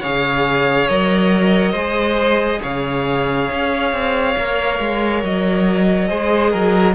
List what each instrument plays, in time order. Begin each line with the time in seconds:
0.00 cello C#3, viola G#4, violin C#5 F5
0.87 cello F#3, viola A#4, violin D#5
1.71 cello G#3, viola G#4, violin C5
2.62 cello C#3, violin C#5 F5
3.51 cello C#4
3.92 cello C4
4.37 cello A#3, viola A#4
4.79 cello G#3
5.23 cello F#3, violin D#5
6.08 cello G#3, viola G#4, violin C5
6.51 cello F#3, violin A#4